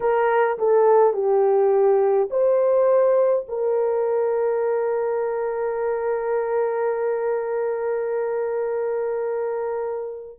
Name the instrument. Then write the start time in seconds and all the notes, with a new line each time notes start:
horn
0.00 A#4
0.58 A4
1.13 G4
2.30 C5
3.48 A#4